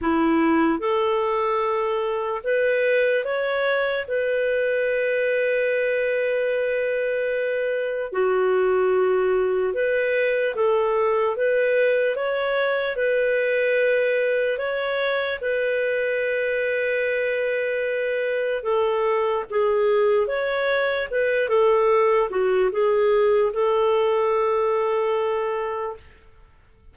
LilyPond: \new Staff \with { instrumentName = "clarinet" } { \time 4/4 \tempo 4 = 74 e'4 a'2 b'4 | cis''4 b'2.~ | b'2 fis'2 | b'4 a'4 b'4 cis''4 |
b'2 cis''4 b'4~ | b'2. a'4 | gis'4 cis''4 b'8 a'4 fis'8 | gis'4 a'2. | }